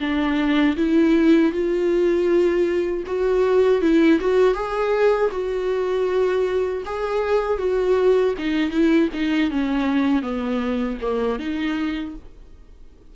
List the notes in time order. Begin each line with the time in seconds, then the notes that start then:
0.00 D4
0.76 E4
1.52 F4
3.06 F#4
3.81 E4
4.20 F#4
4.54 G#4
5.31 F#4
6.85 G#4
7.58 F#4
8.38 D#4
8.70 E4
9.13 D#4
9.50 C#4
10.22 B3
11.01 A#3
11.39 D#4